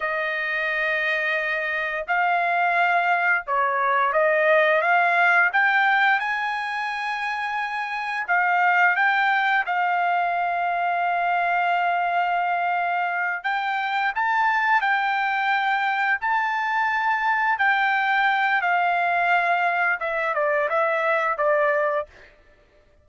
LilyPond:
\new Staff \with { instrumentName = "trumpet" } { \time 4/4 \tempo 4 = 87 dis''2. f''4~ | f''4 cis''4 dis''4 f''4 | g''4 gis''2. | f''4 g''4 f''2~ |
f''2.~ f''8 g''8~ | g''8 a''4 g''2 a''8~ | a''4. g''4. f''4~ | f''4 e''8 d''8 e''4 d''4 | }